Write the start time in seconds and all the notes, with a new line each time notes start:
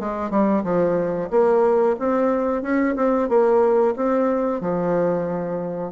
0.00 G#3
0.31 G3
0.64 F3
1.31 A#3
2.00 C4
2.63 C#4
2.96 C4
3.29 A#3
3.97 C4
4.61 F3